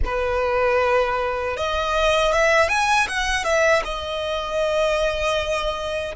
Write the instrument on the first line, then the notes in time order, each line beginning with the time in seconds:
violin
0.05 B4
1.56 D#5
2.32 E5
2.69 G#5
3.08 F#5
3.43 E5
3.84 D#5